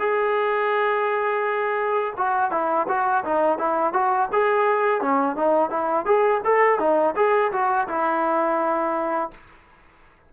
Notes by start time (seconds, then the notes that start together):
0.00 G#4
2.18 F#4
2.52 E4
2.89 F#4
3.25 D#4
3.59 E4
3.94 F#4
4.33 G#4
5.02 C#4
5.36 D#4
5.70 E4
6.06 G#4
6.45 A4
6.80 D#4
7.16 G#4
7.52 F#4
7.88 E4